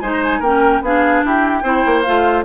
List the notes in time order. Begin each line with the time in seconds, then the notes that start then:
0.00 G#3 D#4 C5 G#5
0.12 A#5
0.23 G#5
0.39 A#3 C#4 A#4 G5
0.81 B3 D4 G#4 F5
1.25 E4 G4 G5
1.63 C4 E4 C5
1.86 A#3
2.02 A3 F4 F5